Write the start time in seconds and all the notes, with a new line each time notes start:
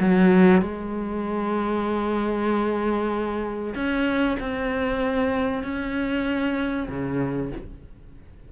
0.00 F#3
0.62 G#3
3.74 C#4
4.40 C4
5.64 C#4
6.89 C#3